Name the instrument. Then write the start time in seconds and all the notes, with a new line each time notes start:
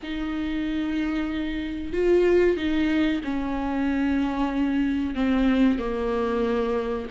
viola
0.02 D#4
1.92 F4
2.56 D#4
3.23 C#4
5.14 C4
5.78 A#3